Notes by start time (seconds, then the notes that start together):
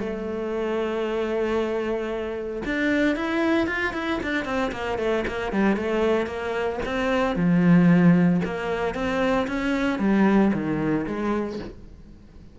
0.00 A3
2.66 D4
3.16 E4
3.67 F4
3.94 E4
4.23 D4
4.45 C4
4.72 A#3
4.99 A3
5.28 A#3
5.53 G3
5.76 A3
6.27 A#3
6.86 C4
7.36 F3
8.45 A#3
8.95 C4
9.48 C#4
10.00 G3
10.54 D#3
11.07 G#3